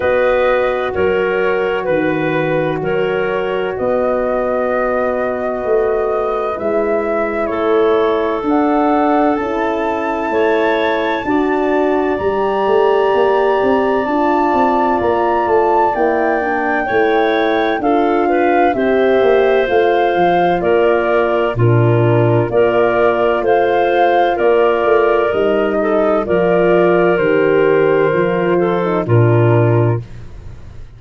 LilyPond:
<<
  \new Staff \with { instrumentName = "flute" } { \time 4/4 \tempo 4 = 64 dis''4 cis''4 b'4 cis''4 | dis''2. e''4 | cis''4 fis''4 a''2~ | a''4 ais''2 a''4 |
ais''8 a''8 g''2 f''4 | e''4 f''4 d''4 ais'4 | d''4 f''4 d''4 dis''4 | d''4 c''2 ais'4 | }
  \new Staff \with { instrumentName = "clarinet" } { \time 4/4 b'4 ais'4 b'4 ais'4 | b'1 | a'2. cis''4 | d''1~ |
d''2 cis''4 a'8 b'8 | c''2 ais'4 f'4 | ais'4 c''4 ais'4. a'8 | ais'2~ ais'8 a'8 f'4 | }
  \new Staff \with { instrumentName = "horn" } { \time 4/4 fis'1~ | fis'2. e'4~ | e'4 d'4 e'2 | fis'4 g'2 f'4~ |
f'4 e'8 d'8 e'4 f'4 | g'4 f'2 d'4 | f'2. dis'4 | f'4 g'4 f'8. dis'16 d'4 | }
  \new Staff \with { instrumentName = "tuba" } { \time 4/4 b4 fis4 dis4 fis4 | b2 a4 gis4 | a4 d'4 cis'4 a4 | d'4 g8 a8 ais8 c'8 d'8 c'8 |
ais8 a8 ais4 a4 d'4 | c'8 ais8 a8 f8 ais4 ais,4 | ais4 a4 ais8 a8 g4 | f4 dis4 f4 ais,4 | }
>>